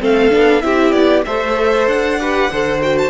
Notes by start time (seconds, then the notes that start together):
0.00 A3 C4 A4 F5
0.31 B3 D4
0.62 C4 E4 G4 E5
0.92 B3 D5
1.25 A3 A4 C5 E5
1.87 D4 F#5
2.20 G4 B4
2.52 D3 A4 C5
2.81 F#4 G5
2.98 A5